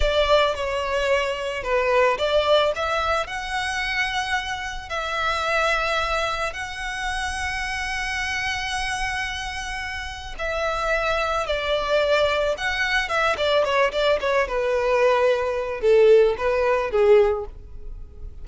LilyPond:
\new Staff \with { instrumentName = "violin" } { \time 4/4 \tempo 4 = 110 d''4 cis''2 b'4 | d''4 e''4 fis''2~ | fis''4 e''2. | fis''1~ |
fis''2. e''4~ | e''4 d''2 fis''4 | e''8 d''8 cis''8 d''8 cis''8 b'4.~ | b'4 a'4 b'4 gis'4 | }